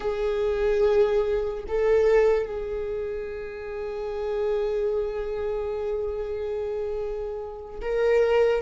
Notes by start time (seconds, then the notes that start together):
0.00 G#4
1.68 A4
2.46 G#4
7.81 A#4